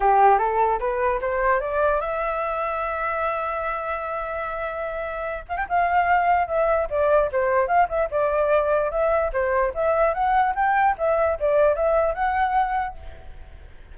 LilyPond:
\new Staff \with { instrumentName = "flute" } { \time 4/4 \tempo 4 = 148 g'4 a'4 b'4 c''4 | d''4 e''2.~ | e''1~ | e''4. f''16 g''16 f''2 |
e''4 d''4 c''4 f''8 e''8 | d''2 e''4 c''4 | e''4 fis''4 g''4 e''4 | d''4 e''4 fis''2 | }